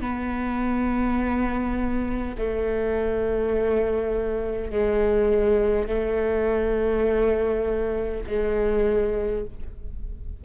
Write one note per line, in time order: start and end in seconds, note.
0.00 2.35 B3
2.37 4.71 A3
4.71 5.87 G#3
5.87 8.22 A3
8.27 9.44 G#3